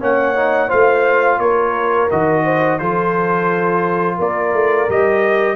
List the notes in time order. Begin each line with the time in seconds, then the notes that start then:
0.00 A#3 C#4 C#5 F#5
0.36 D#4
0.68 A3 F4 C5 F5
1.39 A#3 A#4 C#5
2.11 D#3 F#4 D#5
2.45 C5
2.79 F3 F4 A4 C5
4.17 A#3 A#4 D5
4.54 A3
4.89 G3 G4 D#5